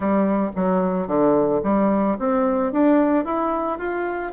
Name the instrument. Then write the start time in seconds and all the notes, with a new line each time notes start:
bassoon
0.00 G3
0.55 F#3
1.07 D3
1.63 G3
2.18 C4
2.72 D4
3.24 E4
3.78 F4